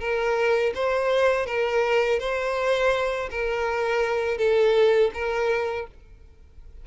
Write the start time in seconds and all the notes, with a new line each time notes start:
0.00 A#4
0.75 C5
1.46 A#4
2.20 C5
3.31 A#4
4.38 A4
5.14 A#4